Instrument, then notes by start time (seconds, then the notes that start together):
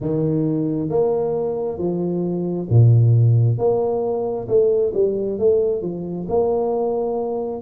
tuba
0.00 D#3
0.89 A#3
1.77 F3
2.69 A#2
3.57 A#3
4.48 A3
4.94 G3
5.39 A3
5.82 F3
6.28 A#3